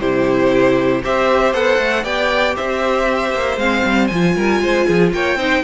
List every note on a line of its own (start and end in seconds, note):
0.00 1.03 C3
0.00 1.03 E4
0.00 1.03 G4
0.00 1.03 C5
1.03 1.54 C4
1.03 1.54 G4
1.03 2.04 C5
1.03 1.54 E5
1.54 1.78 B3
1.54 2.04 A4
1.54 2.05 F#5
1.78 2.04 A3
2.04 2.55 B3
2.04 3.58 G4
2.04 2.55 D5
2.04 2.56 G5
2.56 3.34 C4
2.56 4.35 C5
2.56 3.59 E5
3.34 3.57 A#3
3.57 3.83 G#3
3.57 4.10 C4
3.57 4.07 F5
3.85 4.11 G3
4.07 4.37 F3
4.07 5.39 F4
4.07 5.10 G#5
4.36 4.60 G3
4.36 4.61 A#4
4.60 4.86 G#3
4.60 4.87 C5
4.87 5.12 F3
4.87 5.13 G#4
5.12 5.36 A#3
5.12 5.38 C#5
5.12 5.64 G5
5.36 5.61 C4
5.36 5.64 D#4
5.36 5.63 C5